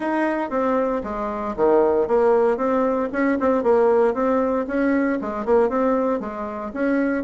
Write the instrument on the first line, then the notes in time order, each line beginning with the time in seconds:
bassoon
0.00 D#4
0.50 C4
1.03 G#3
1.56 D#3
2.07 A#3
2.57 C4
3.12 C#4
3.39 C4
3.63 A#3
4.14 C4
4.67 C#4
5.21 G#3
5.45 A#3
5.69 C4
6.20 G#3
6.73 C#4